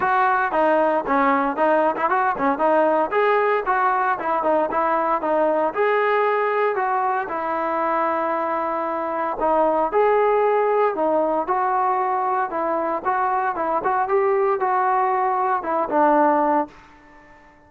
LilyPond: \new Staff \with { instrumentName = "trombone" } { \time 4/4 \tempo 4 = 115 fis'4 dis'4 cis'4 dis'8. e'16 | fis'8 cis'8 dis'4 gis'4 fis'4 | e'8 dis'8 e'4 dis'4 gis'4~ | gis'4 fis'4 e'2~ |
e'2 dis'4 gis'4~ | gis'4 dis'4 fis'2 | e'4 fis'4 e'8 fis'8 g'4 | fis'2 e'8 d'4. | }